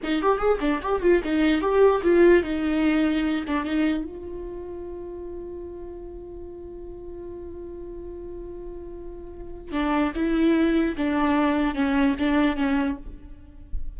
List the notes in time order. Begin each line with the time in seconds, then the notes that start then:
0.03 D#4
0.22 G4
0.38 G#4
0.60 D4
0.81 G4
1.01 F4
1.23 D#4
1.61 G4
2.03 F4
2.43 D#4
3.47 D4
3.64 D#4
4.04 F4
9.72 D4
10.15 E4
10.96 D4
11.75 C#4
12.18 D4
12.56 C#4